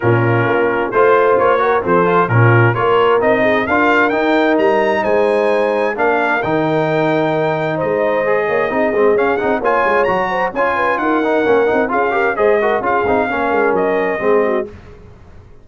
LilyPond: <<
  \new Staff \with { instrumentName = "trumpet" } { \time 4/4 \tempo 4 = 131 ais'2 c''4 cis''4 | c''4 ais'4 cis''4 dis''4 | f''4 g''4 ais''4 gis''4~ | gis''4 f''4 g''2~ |
g''4 dis''2. | f''8 fis''8 gis''4 ais''4 gis''4 | fis''2 f''4 dis''4 | f''2 dis''2 | }
  \new Staff \with { instrumentName = "horn" } { \time 4/4 f'2 c''4. ais'8 | a'4 f'4 ais'4. gis'8 | ais'2. c''4~ | c''4 ais'2.~ |
ais'4 c''4. cis''8 gis'4~ | gis'4 cis''4. c''8 cis''8 b'8 | ais'2 gis'8 ais'8 c''8 ais'8 | gis'4 ais'2 gis'8 fis'8 | }
  \new Staff \with { instrumentName = "trombone" } { \time 4/4 cis'2 f'4. fis'8 | c'8 f'8 cis'4 f'4 dis'4 | f'4 dis'2.~ | dis'4 d'4 dis'2~ |
dis'2 gis'4 dis'8 c'8 | cis'8 dis'8 f'4 fis'4 f'4~ | f'8 dis'8 cis'8 dis'8 f'8 g'8 gis'8 fis'8 | f'8 dis'8 cis'2 c'4 | }
  \new Staff \with { instrumentName = "tuba" } { \time 4/4 ais,4 ais4 a4 ais4 | f4 ais,4 ais4 c'4 | d'4 dis'4 g4 gis4~ | gis4 ais4 dis2~ |
dis4 gis4. ais8 c'8 gis8 | cis'8 c'8 ais8 gis8 fis4 cis'4 | dis'4 ais8 c'8 cis'4 gis4 | cis'8 c'8 ais8 gis8 fis4 gis4 | }
>>